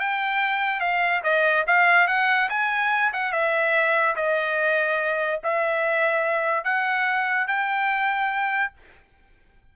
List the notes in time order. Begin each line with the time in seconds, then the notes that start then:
0.00 G5
0.80 F5
1.24 D#5
1.67 F5
2.08 F#5
2.50 G#5
3.13 F#5
3.32 E5
4.16 D#5
5.44 E5
6.64 F#5
7.48 G5